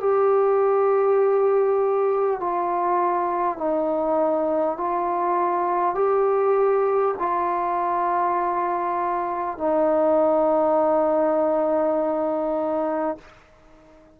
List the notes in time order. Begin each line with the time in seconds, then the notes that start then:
0.00 G4
2.40 F4
3.57 D#4
4.77 F4
5.95 G4
7.18 F4
9.58 D#4